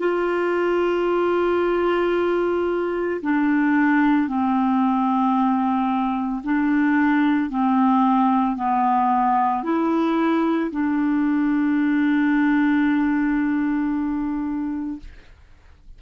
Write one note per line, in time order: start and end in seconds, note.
0.00 3.21 F4
3.22 4.28 D4
4.28 6.42 C4
6.44 7.50 D4
7.50 8.57 C4
8.57 9.64 B3
9.64 10.71 E4
10.71 15.00 D4